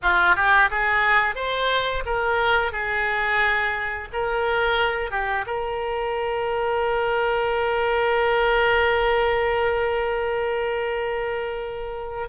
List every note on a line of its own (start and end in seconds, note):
0.02 0.35 F4
0.35 0.69 G4
0.70 1.35 G#4
1.35 2.03 C5
2.05 2.72 A#4
2.72 4.08 G#4
4.12 5.10 A#4
5.10 5.45 G4
5.46 12.28 A#4